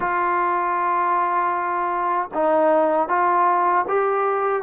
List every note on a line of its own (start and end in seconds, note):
0.00 2.29 F4
2.34 3.08 D#4
3.08 3.85 F4
3.88 4.62 G4